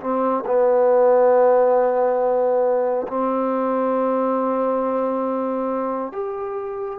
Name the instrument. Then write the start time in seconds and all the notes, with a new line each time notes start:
trombone
0.00 C4
0.45 B3
3.07 C4
6.12 G4